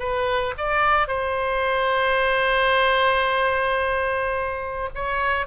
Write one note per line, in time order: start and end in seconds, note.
0.00 0.55 B4
0.58 1.08 D5
1.08 4.90 C5
4.95 5.47 C#5